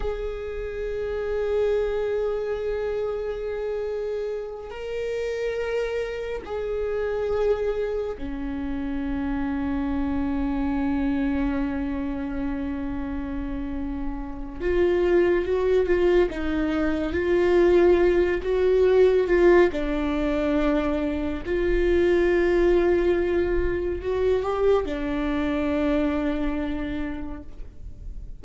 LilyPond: \new Staff \with { instrumentName = "viola" } { \time 4/4 \tempo 4 = 70 gis'1~ | gis'4. ais'2 gis'8~ | gis'4. cis'2~ cis'8~ | cis'1~ |
cis'4 f'4 fis'8 f'8 dis'4 | f'4. fis'4 f'8 d'4~ | d'4 f'2. | fis'8 g'8 d'2. | }